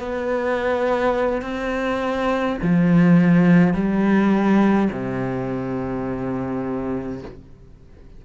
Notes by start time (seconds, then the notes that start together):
0.00 B3
1.42 C4
2.63 F3
3.74 G3
4.92 C3